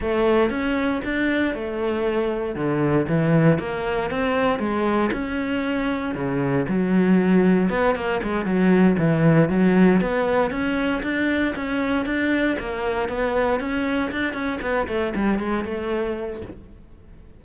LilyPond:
\new Staff \with { instrumentName = "cello" } { \time 4/4 \tempo 4 = 117 a4 cis'4 d'4 a4~ | a4 d4 e4 ais4 | c'4 gis4 cis'2 | cis4 fis2 b8 ais8 |
gis8 fis4 e4 fis4 b8~ | b8 cis'4 d'4 cis'4 d'8~ | d'8 ais4 b4 cis'4 d'8 | cis'8 b8 a8 g8 gis8 a4. | }